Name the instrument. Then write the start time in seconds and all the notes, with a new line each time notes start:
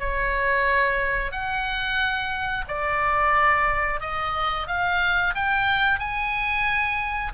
oboe
0.00 C#5
1.32 F#5
2.69 D5
4.01 D#5
4.68 F5
5.35 G5
6.00 G#5